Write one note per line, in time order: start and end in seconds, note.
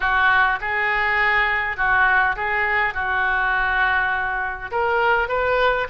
0.00 0.59 F#4
0.60 1.76 G#4
1.76 2.35 F#4
2.36 2.94 G#4
2.94 4.70 F#4
4.71 5.28 A#4
5.28 5.87 B4